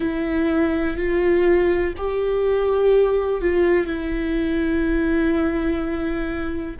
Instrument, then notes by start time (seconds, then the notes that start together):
viola
0.00 E4
0.96 F4
1.97 G4
3.41 F4
3.86 E4